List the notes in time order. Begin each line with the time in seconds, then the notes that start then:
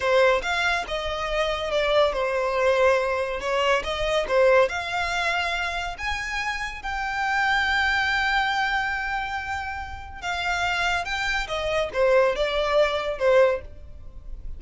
0.00 C5
0.42 F5
0.87 D#5
1.70 D5
2.12 C5
3.40 C#5
3.83 D#5
4.28 C5
4.68 F5
5.97 G#5
6.82 G5
10.21 F5
11.04 G5
11.47 D#5
11.93 C5
12.35 D5
13.18 C5